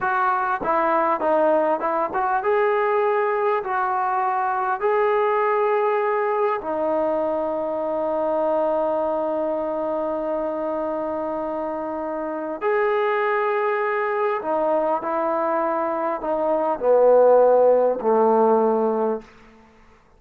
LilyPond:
\new Staff \with { instrumentName = "trombone" } { \time 4/4 \tempo 4 = 100 fis'4 e'4 dis'4 e'8 fis'8 | gis'2 fis'2 | gis'2. dis'4~ | dis'1~ |
dis'1~ | dis'4 gis'2. | dis'4 e'2 dis'4 | b2 a2 | }